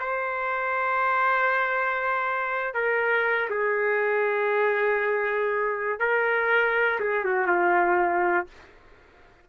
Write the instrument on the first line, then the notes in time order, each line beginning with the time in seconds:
trumpet
0.00 C5
2.75 A#4
3.50 G#4
6.00 A#4
7.00 G#4
7.25 F#4
7.47 F4